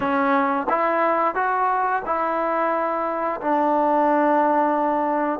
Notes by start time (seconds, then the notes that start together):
0.00 C#4
0.69 E4
1.35 F#4
2.05 E4
3.40 D4